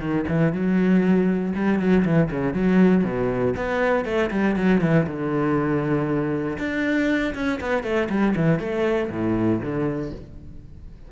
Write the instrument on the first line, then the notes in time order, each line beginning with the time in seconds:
cello
0.00 D#3
0.28 E3
0.53 F#3
1.55 G3
1.80 F#3
2.06 E3
2.31 C#3
2.54 F#3
3.04 B2
3.57 B3
4.05 A3
4.31 G3
4.56 F#3
4.81 E3
5.07 D3
6.59 D4
7.35 C#4
7.61 B3
7.84 A3
8.10 G3
8.36 E3
8.60 A3
9.11 A2
9.61 D3